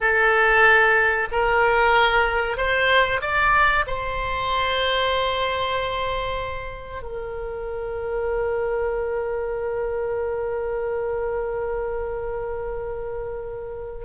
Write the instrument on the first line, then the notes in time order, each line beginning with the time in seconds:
oboe
0.00 A4
1.31 A#4
2.57 C5
3.21 D5
3.86 C5
7.02 A#4